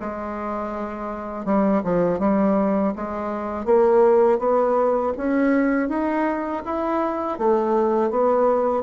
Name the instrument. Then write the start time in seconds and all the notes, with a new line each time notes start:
bassoon
0.00 G#3
1.45 G3
1.84 F3
2.19 G3
2.96 G#3
3.65 A#3
4.39 B3
5.18 C#4
5.89 D#4
6.65 E4
7.38 A3
8.10 B3